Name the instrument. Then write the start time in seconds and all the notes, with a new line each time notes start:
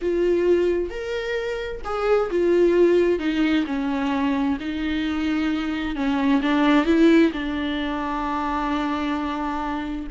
viola
0.01 F4
0.90 A#4
1.84 G#4
2.30 F4
3.19 D#4
3.66 C#4
4.59 D#4
5.95 C#4
6.41 D4
6.85 E4
7.32 D4